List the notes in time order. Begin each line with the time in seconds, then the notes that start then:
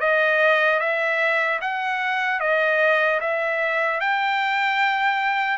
0.00 D#5
0.80 E5
1.61 F#5
2.40 D#5
3.20 E5
4.00 G5